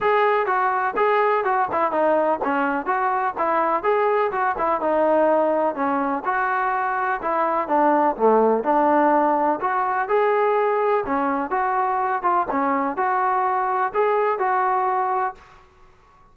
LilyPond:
\new Staff \with { instrumentName = "trombone" } { \time 4/4 \tempo 4 = 125 gis'4 fis'4 gis'4 fis'8 e'8 | dis'4 cis'4 fis'4 e'4 | gis'4 fis'8 e'8 dis'2 | cis'4 fis'2 e'4 |
d'4 a4 d'2 | fis'4 gis'2 cis'4 | fis'4. f'8 cis'4 fis'4~ | fis'4 gis'4 fis'2 | }